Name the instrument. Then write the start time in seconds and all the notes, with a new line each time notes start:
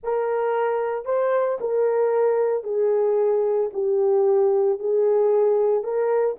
horn
0.03 A#4
1.05 C5
1.60 A#4
2.63 G#4
3.73 G4
4.79 G#4
5.83 A#4